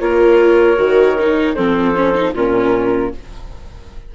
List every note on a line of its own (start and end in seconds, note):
0.00 0.78 A#3
0.00 0.77 F4
0.00 1.55 A#4
0.00 1.55 C#5
0.77 1.56 D#3
0.77 1.16 F#4
1.19 1.56 D#4
1.55 2.34 F3
1.55 1.95 C4
1.55 2.33 A4
1.55 2.33 C5
1.96 2.15 C#4
2.15 2.34 D#4
2.34 3.12 A#2
2.34 3.14 C#4
2.34 3.12 F4
2.34 3.15 A#4